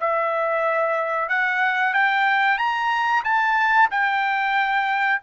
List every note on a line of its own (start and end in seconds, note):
0.00 1.29 E5
1.29 1.94 F#5
1.94 2.58 G5
2.58 3.23 A#5
3.24 3.89 A5
3.90 5.21 G5